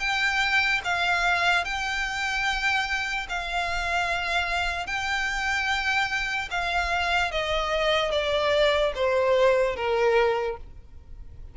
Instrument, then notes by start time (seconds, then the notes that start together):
violin
0.00 G5
0.85 F5
1.65 G5
3.29 F5
4.87 G5
6.51 F5
7.32 D#5
8.12 D5
8.95 C5
9.76 A#4